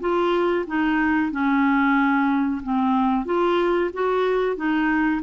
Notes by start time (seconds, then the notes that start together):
0.00 F4
0.67 D#4
1.31 C#4
2.63 C4
3.25 F4
3.93 F#4
4.56 D#4